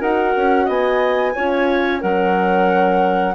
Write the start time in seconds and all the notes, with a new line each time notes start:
0.00 D#4 F#4 A#4 F#5
0.36 C#4
0.64 B3 D#5 G#5
1.35 C#4 F4 C#5
2.00 F#3 C#4 A#4 F#5